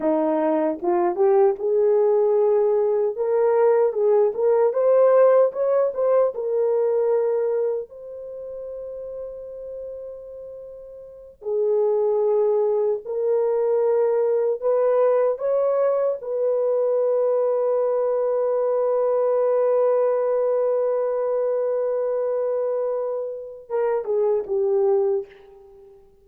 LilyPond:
\new Staff \with { instrumentName = "horn" } { \time 4/4 \tempo 4 = 76 dis'4 f'8 g'8 gis'2 | ais'4 gis'8 ais'8 c''4 cis''8 c''8 | ais'2 c''2~ | c''2~ c''8 gis'4.~ |
gis'8 ais'2 b'4 cis''8~ | cis''8 b'2.~ b'8~ | b'1~ | b'2 ais'8 gis'8 g'4 | }